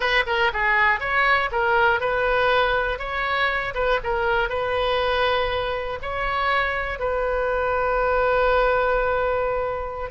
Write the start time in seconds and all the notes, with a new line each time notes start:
0.00 B4
0.26 A#4
0.53 G#4
1.00 C#5
1.51 A#4
2.00 B4
2.98 C#5
3.74 B4
4.03 A#4
4.49 B4
6.02 C#5
6.99 B4